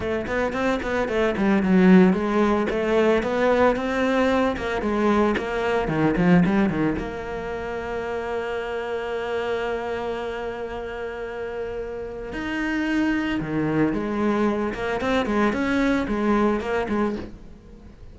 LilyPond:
\new Staff \with { instrumentName = "cello" } { \time 4/4 \tempo 4 = 112 a8 b8 c'8 b8 a8 g8 fis4 | gis4 a4 b4 c'4~ | c'8 ais8 gis4 ais4 dis8 f8 | g8 dis8 ais2.~ |
ais1~ | ais2. dis'4~ | dis'4 dis4 gis4. ais8 | c'8 gis8 cis'4 gis4 ais8 gis8 | }